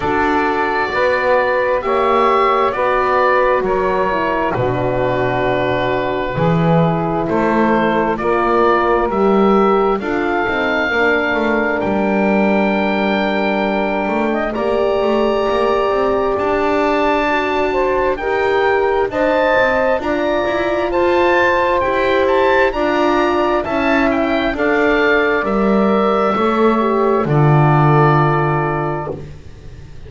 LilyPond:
<<
  \new Staff \with { instrumentName = "oboe" } { \time 4/4 \tempo 4 = 66 d''2 e''4 d''4 | cis''4 b'2. | c''4 d''4 e''4 f''4~ | f''4 g''2. |
ais''2 a''2 | g''4 a''4 ais''4 a''4 | g''8 a''8 ais''4 a''8 g''8 f''4 | e''2 d''2 | }
  \new Staff \with { instrumentName = "saxophone" } { \time 4/4 a'4 b'4 cis''4 b'4 | ais'4 fis'2 gis'4 | a'4 ais'2 a'4 | ais'2.~ ais'8. dis''16 |
d''2.~ d''8 c''8 | ais'4 dis''4 d''4 c''4~ | c''4 d''4 e''4 d''4~ | d''4 cis''4 a'2 | }
  \new Staff \with { instrumentName = "horn" } { \time 4/4 fis'2 g'4 fis'4~ | fis'8 e'8 d'2 e'4~ | e'4 f'4 g'4 f'8 dis'8 | d'1 |
g'2. fis'4 | g'4 c''4 f'2 | g'4 f'4 e'4 a'4 | ais'4 a'8 g'8 f'2 | }
  \new Staff \with { instrumentName = "double bass" } { \time 4/4 d'4 b4 ais4 b4 | fis4 b,2 e4 | a4 ais4 g4 d'8 c'8 | ais8 a8 g2~ g8 a8 |
ais8 a8 ais8 c'8 d'2 | dis'4 d'8 c'8 d'8 e'8 f'4 | e'4 d'4 cis'4 d'4 | g4 a4 d2 | }
>>